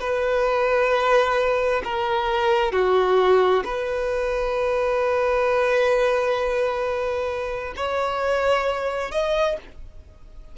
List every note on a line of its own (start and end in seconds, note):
0.00 1.82 B4
1.84 2.72 A#4
2.72 3.63 F#4
3.64 7.74 B4
7.76 9.11 C#5
9.11 9.57 D#5